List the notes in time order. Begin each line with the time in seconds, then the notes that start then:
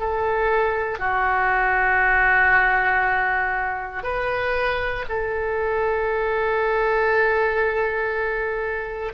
0.00 A4
0.99 F#4
4.04 B4
5.09 A4